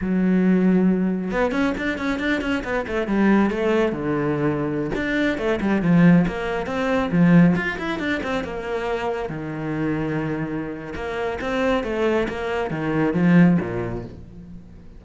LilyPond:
\new Staff \with { instrumentName = "cello" } { \time 4/4 \tempo 4 = 137 fis2. b8 cis'8 | d'8 cis'8 d'8 cis'8 b8 a8 g4 | a4 d2~ d16 d'8.~ | d'16 a8 g8 f4 ais4 c'8.~ |
c'16 f4 f'8 e'8 d'8 c'8 ais8.~ | ais4~ ais16 dis2~ dis8.~ | dis4 ais4 c'4 a4 | ais4 dis4 f4 ais,4 | }